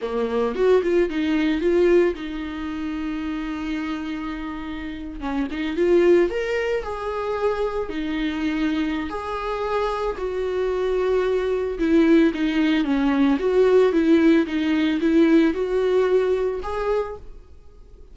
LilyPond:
\new Staff \with { instrumentName = "viola" } { \time 4/4 \tempo 4 = 112 ais4 fis'8 f'8 dis'4 f'4 | dis'1~ | dis'4.~ dis'16 cis'8 dis'8 f'4 ais'16~ | ais'8. gis'2 dis'4~ dis'16~ |
dis'4 gis'2 fis'4~ | fis'2 e'4 dis'4 | cis'4 fis'4 e'4 dis'4 | e'4 fis'2 gis'4 | }